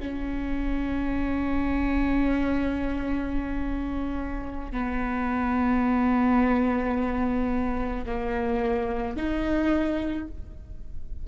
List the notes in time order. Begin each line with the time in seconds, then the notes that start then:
0.00 C#4
4.72 B3
8.07 A#3
9.17 D#4